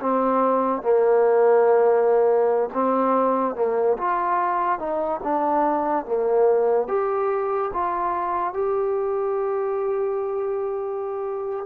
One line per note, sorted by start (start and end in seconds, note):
0.00 0.82 C4
0.82 2.69 A#3
2.73 3.55 C4
3.55 3.97 A#3
3.97 4.79 F4
4.79 5.20 D#4
5.23 6.05 D4
6.05 6.87 A#3
6.87 7.71 G4
7.73 8.53 F4
8.53 11.66 G4